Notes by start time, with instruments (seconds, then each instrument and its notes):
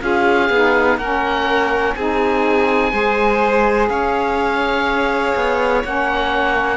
0.00 cello C#4, saxophone F4, violin G#4, oboe F5
0.50 cello B3, saxophone D#4
0.97 cello A#3, saxophone C#4, violin A#4, oboe F#5
1.96 cello C4, saxophone D#4, violin G#4, oboe G#5
2.92 cello G#3, saxophone G#4, violin C5
3.89 cello C#4, violin C#5, oboe F5
5.35 cello B3
5.84 cello A#3, saxophone C#4, oboe F#5